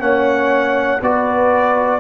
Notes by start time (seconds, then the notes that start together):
0.00 A#3 C#4 C#5 F#5
1.01 B3 F#4 B4 D5